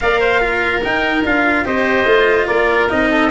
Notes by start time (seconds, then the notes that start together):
0.00 A#3 A#4 D5 F5
0.20 C5
0.40 F4 A#4
0.83 D#4 G5
1.24 D4 F4 F5
1.64 C4 G4 C5 D#5
2.04 A3 F4
2.47 A#3 A#4 D5
2.89 C4 D#4 D#5
3.10 A4